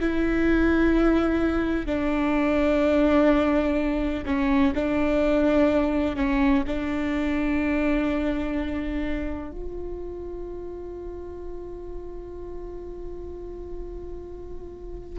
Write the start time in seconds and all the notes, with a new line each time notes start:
0.00 E4
1.86 D4
4.26 C#4
4.74 D4
6.16 C#4
6.67 D4
9.52 F4